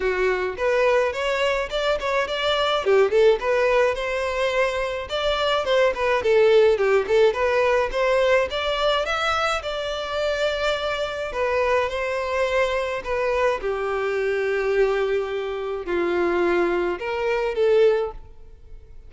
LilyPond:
\new Staff \with { instrumentName = "violin" } { \time 4/4 \tempo 4 = 106 fis'4 b'4 cis''4 d''8 cis''8 | d''4 g'8 a'8 b'4 c''4~ | c''4 d''4 c''8 b'8 a'4 | g'8 a'8 b'4 c''4 d''4 |
e''4 d''2. | b'4 c''2 b'4 | g'1 | f'2 ais'4 a'4 | }